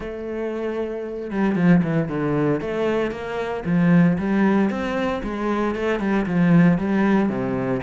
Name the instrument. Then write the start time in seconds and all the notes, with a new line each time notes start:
cello
0.00 A3
1.30 G3
1.55 F3
1.83 E3
2.08 D3
2.60 A3
3.11 A#3
3.65 F3
4.18 G3
4.70 C4
5.23 G#3
5.75 A3
5.99 G3
6.26 F3
6.78 G3
7.29 C3